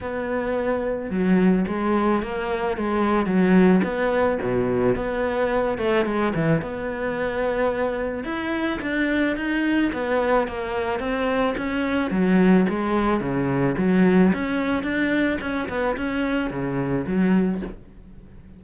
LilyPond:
\new Staff \with { instrumentName = "cello" } { \time 4/4 \tempo 4 = 109 b2 fis4 gis4 | ais4 gis4 fis4 b4 | b,4 b4. a8 gis8 e8 | b2. e'4 |
d'4 dis'4 b4 ais4 | c'4 cis'4 fis4 gis4 | cis4 fis4 cis'4 d'4 | cis'8 b8 cis'4 cis4 fis4 | }